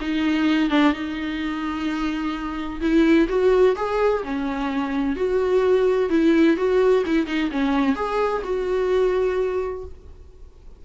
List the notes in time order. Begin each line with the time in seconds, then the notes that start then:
0.00 D#4
0.70 D4
0.92 D#4
2.81 E4
3.29 F#4
3.76 G#4
4.23 C#4
5.16 F#4
6.10 E4
6.56 F#4
7.06 E4
7.26 D#4
7.51 C#4
7.95 G#4
8.44 F#4